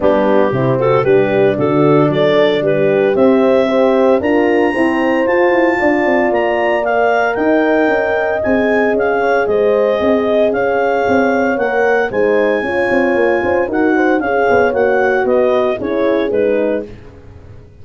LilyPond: <<
  \new Staff \with { instrumentName = "clarinet" } { \time 4/4 \tempo 4 = 114 g'4. a'8 b'4 a'4 | d''4 b'4 e''2 | ais''2 a''2 | ais''4 f''4 g''2 |
gis''4 f''4 dis''2 | f''2 fis''4 gis''4~ | gis''2 fis''4 f''4 | fis''4 dis''4 cis''4 b'4 | }
  \new Staff \with { instrumentName = "horn" } { \time 4/4 d'4 e'8 fis'8 g'4 fis'4 | a'4 g'2 c''4 | ais'4 c''2 d''4~ | d''2 dis''2~ |
dis''4. cis''8 c''4 dis''4 | cis''2. c''4 | cis''4. c''8 ais'8 c''8 cis''4~ | cis''4 b'4 gis'2 | }
  \new Staff \with { instrumentName = "horn" } { \time 4/4 b4 c'4 d'2~ | d'2 c'4 g'4 | f'4 c'4 f'2~ | f'4 ais'2. |
gis'1~ | gis'2 ais'4 dis'4 | f'2 fis'4 gis'4 | fis'2 e'4 dis'4 | }
  \new Staff \with { instrumentName = "tuba" } { \time 4/4 g4 c4 g4 d4 | fis4 g4 c'2 | d'4 e'4 f'8 e'8 d'8 c'8 | ais2 dis'4 cis'4 |
c'4 cis'4 gis4 c'4 | cis'4 c'4 ais4 gis4 | cis'8 c'8 ais8 cis'8 dis'4 cis'8 b8 | ais4 b4 cis'4 gis4 | }
>>